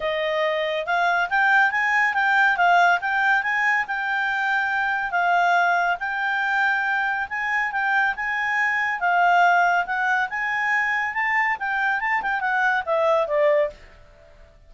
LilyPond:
\new Staff \with { instrumentName = "clarinet" } { \time 4/4 \tempo 4 = 140 dis''2 f''4 g''4 | gis''4 g''4 f''4 g''4 | gis''4 g''2. | f''2 g''2~ |
g''4 gis''4 g''4 gis''4~ | gis''4 f''2 fis''4 | gis''2 a''4 g''4 | a''8 g''8 fis''4 e''4 d''4 | }